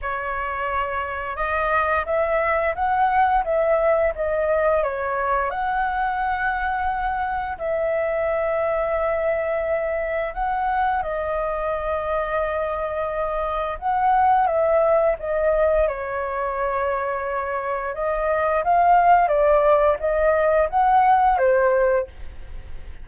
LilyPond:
\new Staff \with { instrumentName = "flute" } { \time 4/4 \tempo 4 = 87 cis''2 dis''4 e''4 | fis''4 e''4 dis''4 cis''4 | fis''2. e''4~ | e''2. fis''4 |
dis''1 | fis''4 e''4 dis''4 cis''4~ | cis''2 dis''4 f''4 | d''4 dis''4 fis''4 c''4 | }